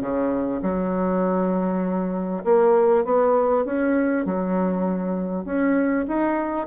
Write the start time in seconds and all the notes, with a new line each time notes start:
0.00 C#3
0.62 F#3
2.44 A#3
3.04 B3
3.65 C#4
4.25 F#3
5.45 C#4
6.08 D#4